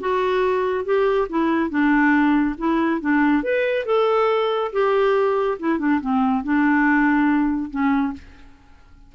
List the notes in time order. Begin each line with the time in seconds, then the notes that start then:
0.00 F#4
0.85 G4
1.29 E4
1.70 D4
2.58 E4
3.01 D4
3.43 B4
3.86 A4
4.72 G4
5.59 E4
5.79 D4
6.01 C4
6.44 D4
7.70 C#4